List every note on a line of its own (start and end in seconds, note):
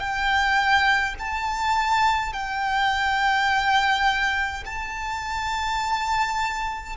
0.00 1.15 G5
1.19 2.33 A5
2.33 4.64 G5
4.65 6.96 A5